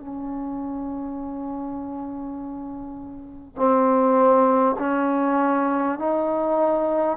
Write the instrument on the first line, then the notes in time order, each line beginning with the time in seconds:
trombone
0.00 C#4
3.57 C4
4.79 C#4
5.99 D#4